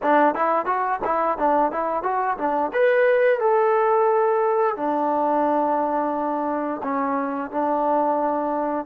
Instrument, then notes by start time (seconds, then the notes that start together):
trombone
0.02 D4
0.34 E4
0.65 F#4
1.04 E4
1.38 D4
1.71 E4
2.03 F#4
2.37 D4
2.73 B4
3.40 A4
4.76 D4
6.83 C#4
7.51 D4